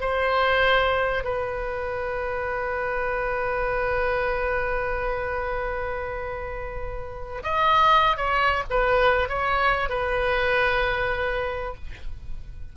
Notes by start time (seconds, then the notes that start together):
0.00 C5
1.24 B4
7.43 D#5
8.17 C#5
8.70 B4
9.29 C#5
9.89 B4